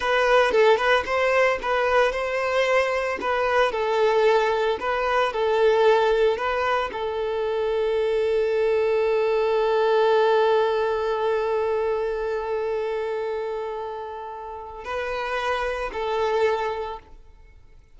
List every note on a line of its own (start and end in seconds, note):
0.00 0.51 B4
0.51 0.77 A4
0.77 1.03 B4
1.05 1.58 C5
1.62 2.12 B4
2.12 3.18 C5
3.20 3.72 B4
3.72 4.78 A4
4.80 5.32 B4
5.32 6.37 A4
6.37 6.90 B4
6.92 14.84 A4
14.84 15.90 B4
15.93 16.99 A4